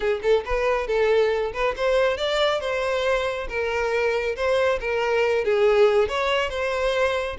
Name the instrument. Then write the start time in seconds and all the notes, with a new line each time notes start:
violin
0.00 G#4
0.22 A4
0.45 B4
0.87 A4
1.53 B4
1.76 C5
2.17 D5
2.60 C5
3.48 A#4
4.35 C5
4.80 A#4
5.44 G#4
6.08 C#5
6.49 C5